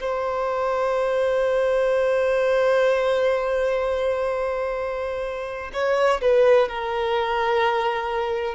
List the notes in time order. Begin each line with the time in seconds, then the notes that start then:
0.00 C5
5.74 C#5
6.21 B4
6.69 A#4